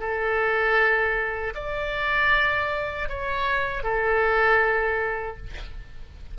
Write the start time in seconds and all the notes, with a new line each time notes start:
0.00 A4
1.55 D5
3.09 C#5
3.84 A4